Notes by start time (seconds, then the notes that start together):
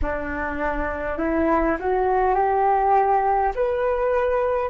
0.02 D4
1.18 E4
1.79 F#4
2.35 G4
3.55 B4